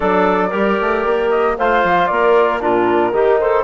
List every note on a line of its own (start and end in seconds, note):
0.00 0.53 F#3
0.00 0.51 D4
0.00 0.49 A4
0.00 1.30 D5
0.49 0.79 G3
0.49 1.55 G4
0.49 1.53 A#4
0.80 1.05 A3
1.05 1.57 A#3
1.30 1.56 D#5
1.58 1.83 A3
1.58 2.60 F4
1.58 2.10 C5
1.58 2.06 F5
1.83 2.09 F3
2.06 2.63 A#3
2.06 2.62 A#4
2.06 2.59 D5
2.60 3.11 A#2
2.60 3.12 D4
2.60 3.13 F4
2.60 3.39 A#4
3.11 3.64 D#3
3.11 3.64 D#4
3.11 3.39 G4
3.39 3.64 A4
3.39 3.64 C5